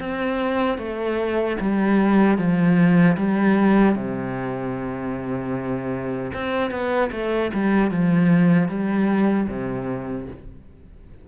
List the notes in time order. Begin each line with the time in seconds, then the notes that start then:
0.00 C4
0.78 A3
1.61 G3
2.38 F3
3.17 G3
3.95 C3
6.34 C4
6.71 B3
7.12 A3
7.54 G3
7.91 F3
8.69 G3
9.48 C3